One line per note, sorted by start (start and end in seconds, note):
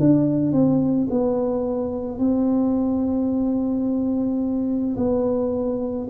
0.00 0.53 D4
0.53 1.08 C4
1.11 2.18 B3
2.18 4.96 C4
4.97 6.08 B3